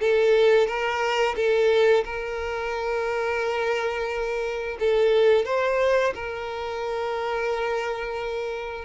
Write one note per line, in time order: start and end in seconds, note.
0.00 0.67 A4
0.67 1.35 A#4
1.36 2.04 A4
2.05 4.77 A#4
4.79 5.45 A4
5.45 6.13 C5
6.14 8.85 A#4